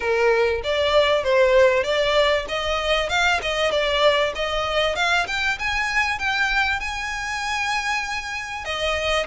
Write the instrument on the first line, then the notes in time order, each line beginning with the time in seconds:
violin
0.00 A#4
0.63 D5
1.23 C5
1.83 D5
2.48 D#5
3.09 F5
3.42 D#5
3.71 D5
4.35 D#5
4.95 F5
5.27 G5
5.58 G#5
6.19 G5
6.80 G#5
8.64 D#5